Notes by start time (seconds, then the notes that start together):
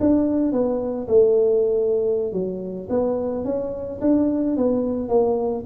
0.00 D4
0.52 B3
1.08 A3
2.32 F#3
2.89 B3
3.44 C#4
4.01 D4
4.57 B3
5.08 A#3